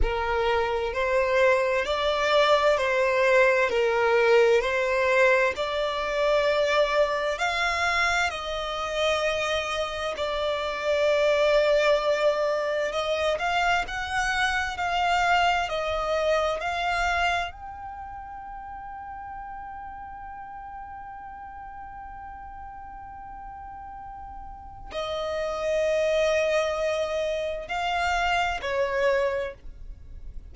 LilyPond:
\new Staff \with { instrumentName = "violin" } { \time 4/4 \tempo 4 = 65 ais'4 c''4 d''4 c''4 | ais'4 c''4 d''2 | f''4 dis''2 d''4~ | d''2 dis''8 f''8 fis''4 |
f''4 dis''4 f''4 g''4~ | g''1~ | g''2. dis''4~ | dis''2 f''4 cis''4 | }